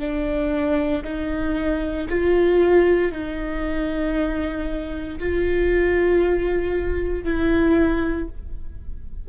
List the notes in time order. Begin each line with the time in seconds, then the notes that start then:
0.00 D4
1.04 D#4
2.10 F4
3.12 D#4
5.19 F4
7.25 E4